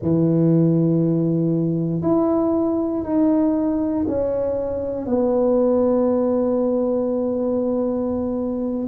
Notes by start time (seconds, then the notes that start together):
0.01 E3
2.02 E4
3.03 D#4
4.07 C#4
5.06 B3